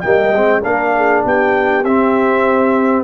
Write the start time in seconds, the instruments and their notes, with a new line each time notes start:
0.00 tuba G3, trombone A#3, horn D#5, trumpet G5
0.32 tuba G#3, trombone C4
0.61 tuba A#3, trombone D4, horn A#4, trumpet F5
0.96 horn G#4
1.24 tuba B3, horn G4, trumpet G5
1.84 tuba C4, trombone C4, trumpet E5